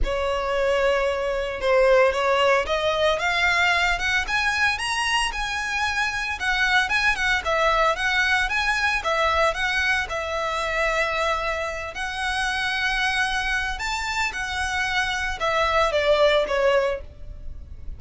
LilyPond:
\new Staff \with { instrumentName = "violin" } { \time 4/4 \tempo 4 = 113 cis''2. c''4 | cis''4 dis''4 f''4. fis''8 | gis''4 ais''4 gis''2 | fis''4 gis''8 fis''8 e''4 fis''4 |
gis''4 e''4 fis''4 e''4~ | e''2~ e''8 fis''4.~ | fis''2 a''4 fis''4~ | fis''4 e''4 d''4 cis''4 | }